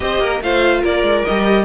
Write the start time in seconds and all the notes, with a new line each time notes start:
0.00 C4 G4 C5 D#5
0.19 A#3 A#4
0.41 A3 F4 C5 F5
0.81 A#3 A#4 D5
1.02 G#3
1.24 G3 G4 D#5